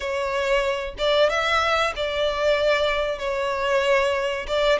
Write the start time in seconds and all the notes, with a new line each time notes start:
0.00 C#5
0.97 D5
1.29 E5
1.96 D5
3.18 C#5
4.47 D5